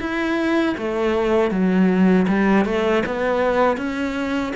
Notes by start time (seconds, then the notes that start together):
0.00 E4
0.78 A3
1.51 F#3
2.28 G3
2.65 A3
3.06 B3
3.77 C#4